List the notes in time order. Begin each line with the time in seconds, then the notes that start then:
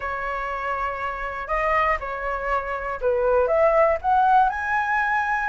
0.00 C#5
1.47 D#5
2.00 C#5
3.01 B4
3.47 E5
4.01 F#5
4.49 G#5